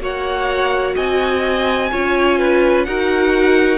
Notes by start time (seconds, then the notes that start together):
0.00 A#3 F#4 C#5 F#5
0.95 C4 D#5 G#5
1.91 C#4 F4 C#5
2.39 B4
2.84 D#4 F#4 A#4 F#5